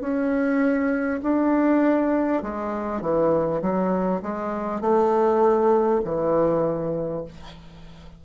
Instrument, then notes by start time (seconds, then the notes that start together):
bassoon
0.00 C#4
1.22 D4
2.42 G#3
3.01 E3
3.62 F#3
4.22 G#3
4.81 A3
6.04 E3